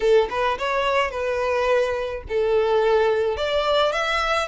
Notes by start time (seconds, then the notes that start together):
0.00 A4
0.30 B4
0.58 C#5
1.11 B4
2.28 A4
3.36 D5
3.92 E5